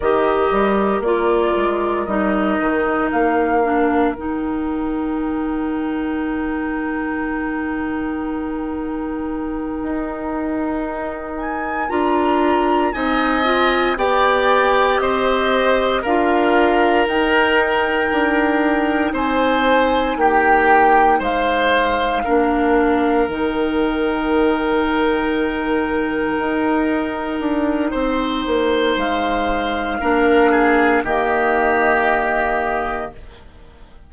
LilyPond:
<<
  \new Staff \with { instrumentName = "flute" } { \time 4/4 \tempo 4 = 58 dis''4 d''4 dis''4 f''4 | g''1~ | g''2. gis''8 ais''8~ | ais''8 gis''4 g''4 dis''4 f''8~ |
f''8 g''2 gis''4 g''8~ | g''8 f''2 g''4.~ | g''1 | f''2 dis''2 | }
  \new Staff \with { instrumentName = "oboe" } { \time 4/4 ais'1~ | ais'1~ | ais'1~ | ais'8 dis''4 d''4 c''4 ais'8~ |
ais'2~ ais'8 c''4 g'8~ | g'8 c''4 ais'2~ ais'8~ | ais'2. c''4~ | c''4 ais'8 gis'8 g'2 | }
  \new Staff \with { instrumentName = "clarinet" } { \time 4/4 g'4 f'4 dis'4. d'8 | dis'1~ | dis'2.~ dis'8 f'8~ | f'8 dis'8 f'8 g'2 f'8~ |
f'8 dis'2.~ dis'8~ | dis'4. d'4 dis'4.~ | dis'1~ | dis'4 d'4 ais2 | }
  \new Staff \with { instrumentName = "bassoon" } { \time 4/4 dis8 g8 ais8 gis8 g8 dis8 ais4 | dis1~ | dis4. dis'2 d'8~ | d'8 c'4 b4 c'4 d'8~ |
d'8 dis'4 d'4 c'4 ais8~ | ais8 gis4 ais4 dis4.~ | dis4. dis'4 d'8 c'8 ais8 | gis4 ais4 dis2 | }
>>